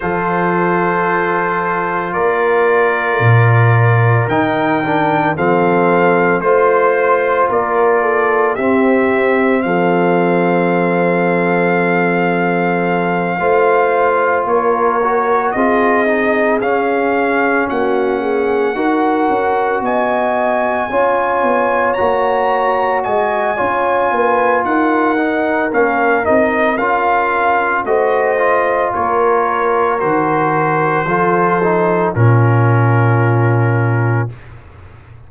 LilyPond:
<<
  \new Staff \with { instrumentName = "trumpet" } { \time 4/4 \tempo 4 = 56 c''2 d''2 | g''4 f''4 c''4 d''4 | e''4 f''2.~ | f''4. cis''4 dis''4 f''8~ |
f''8 fis''2 gis''4.~ | gis''8 ais''4 gis''4. fis''4 | f''8 dis''8 f''4 dis''4 cis''4 | c''2 ais'2 | }
  \new Staff \with { instrumentName = "horn" } { \time 4/4 a'2 ais'2~ | ais'4 a'4 c''4 ais'8 a'8 | g'4 a'2.~ | a'8 c''4 ais'4 gis'4.~ |
gis'8 fis'8 gis'8 ais'4 dis''4 cis''8~ | cis''4. dis''8 cis''8 b'8 ais'4~ | ais'2 c''4 ais'4~ | ais'4 a'4 f'2 | }
  \new Staff \with { instrumentName = "trombone" } { \time 4/4 f'1 | dis'8 d'8 c'4 f'2 | c'1~ | c'8 f'4. fis'8 f'8 dis'8 cis'8~ |
cis'4. fis'2 f'8~ | f'8 fis'4. f'4. dis'8 | cis'8 dis'8 f'4 fis'8 f'4. | fis'4 f'8 dis'8 cis'2 | }
  \new Staff \with { instrumentName = "tuba" } { \time 4/4 f2 ais4 ais,4 | dis4 f4 a4 ais4 | c'4 f2.~ | f8 a4 ais4 c'4 cis'8~ |
cis'8 ais4 dis'8 cis'8 b4 cis'8 | b8 ais4 gis8 cis'8 ais8 dis'4 | ais8 c'8 cis'4 a4 ais4 | dis4 f4 ais,2 | }
>>